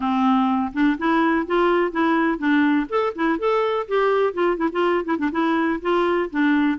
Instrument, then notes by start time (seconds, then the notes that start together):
clarinet
0.00 C4
0.73 D4
0.98 E4
1.46 F4
1.91 E4
2.38 D4
2.89 A4
3.15 E4
3.38 A4
3.88 G4
4.33 F4
4.57 E4
4.72 F4
5.04 E4
5.18 D4
5.31 E4
5.81 F4
6.30 D4